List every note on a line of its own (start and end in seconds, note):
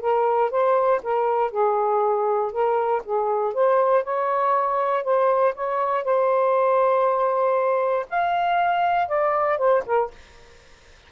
0.00 0.50 A#4
0.50 1.01 C5
1.03 1.51 A#4
1.51 2.51 G#4
2.51 3.02 A#4
3.04 3.53 G#4
3.53 4.03 C5
4.03 5.03 C#5
5.03 5.54 C5
5.55 6.04 C#5
6.04 8.06 C5
8.09 9.08 F5
9.08 9.57 D5
9.57 9.83 C5
9.85 10.11 A#4